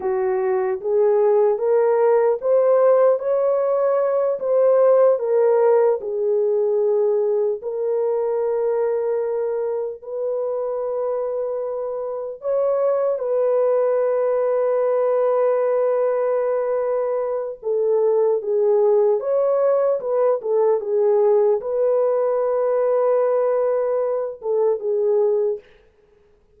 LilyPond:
\new Staff \with { instrumentName = "horn" } { \time 4/4 \tempo 4 = 75 fis'4 gis'4 ais'4 c''4 | cis''4. c''4 ais'4 gis'8~ | gis'4. ais'2~ ais'8~ | ais'8 b'2. cis''8~ |
cis''8 b'2.~ b'8~ | b'2 a'4 gis'4 | cis''4 b'8 a'8 gis'4 b'4~ | b'2~ b'8 a'8 gis'4 | }